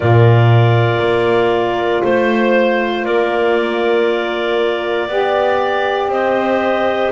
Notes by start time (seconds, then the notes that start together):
0.00 A#2 F4 A#4 D5
0.99 A#3
2.03 A3 C5
3.04 A#3 A#4 D5
5.08 B3 G4 D5
6.08 C4 C5 D#5